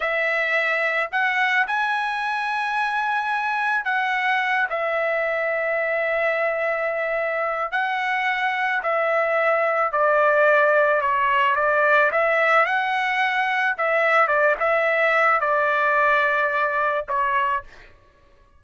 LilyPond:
\new Staff \with { instrumentName = "trumpet" } { \time 4/4 \tempo 4 = 109 e''2 fis''4 gis''4~ | gis''2. fis''4~ | fis''8 e''2.~ e''8~ | e''2 fis''2 |
e''2 d''2 | cis''4 d''4 e''4 fis''4~ | fis''4 e''4 d''8 e''4. | d''2. cis''4 | }